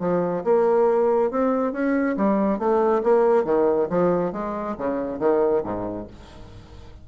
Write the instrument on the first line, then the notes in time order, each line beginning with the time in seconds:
bassoon
0.00 F3
0.44 A#3
1.31 C4
1.73 C#4
2.17 G3
2.59 A3
3.04 A#3
3.45 D#3
3.90 F3
4.33 G#3
4.78 C#3
5.20 D#3
5.64 G#2